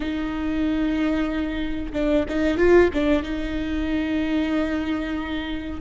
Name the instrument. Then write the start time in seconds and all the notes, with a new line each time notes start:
viola
0.00 D#4
1.92 D4
2.28 D#4
2.57 F4
2.93 D4
3.23 D#4